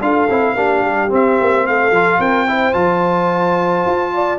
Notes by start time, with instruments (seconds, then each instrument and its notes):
0.00 tuba D4, trombone F4, horn A4, trumpet F5
0.29 tuba C4, trombone E4
0.55 tuba A#3, trombone D4, horn G4
0.81 tuba G3
1.09 trombone C4, tuba C4, trumpet E5
1.40 tuba A#3
1.67 tuba A3, horn A4, trumpet F5
1.91 tuba F3, trombone F4
2.19 tuba C4, horn A#4, trumpet G5
2.47 trombone E4, horn C5
2.72 tuba F3, trombone F4, trumpet A5
3.85 tuba F4
4.14 horn D5